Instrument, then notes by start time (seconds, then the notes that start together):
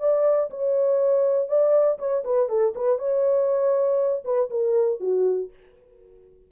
horn
0.00 D5
0.50 C#5
1.48 D5
1.99 C#5
2.24 B4
2.49 A4
2.75 B4
2.99 C#5
4.25 B4
4.50 A#4
5.00 F#4